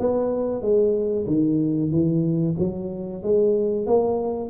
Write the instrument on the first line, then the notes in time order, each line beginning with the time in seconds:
tuba
0.00 B3
0.62 G#3
1.26 D#3
1.91 E3
2.59 F#3
3.23 G#3
3.87 A#3